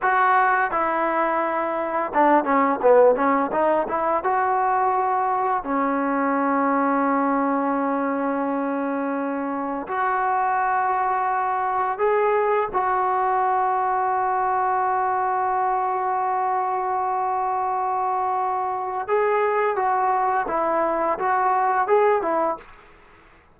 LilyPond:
\new Staff \with { instrumentName = "trombone" } { \time 4/4 \tempo 4 = 85 fis'4 e'2 d'8 cis'8 | b8 cis'8 dis'8 e'8 fis'2 | cis'1~ | cis'2 fis'2~ |
fis'4 gis'4 fis'2~ | fis'1~ | fis'2. gis'4 | fis'4 e'4 fis'4 gis'8 e'8 | }